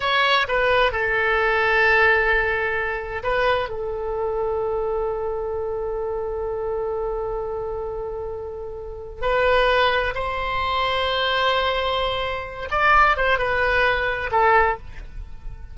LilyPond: \new Staff \with { instrumentName = "oboe" } { \time 4/4 \tempo 4 = 130 cis''4 b'4 a'2~ | a'2. b'4 | a'1~ | a'1~ |
a'1 | b'2 c''2~ | c''2.~ c''8 d''8~ | d''8 c''8 b'2 a'4 | }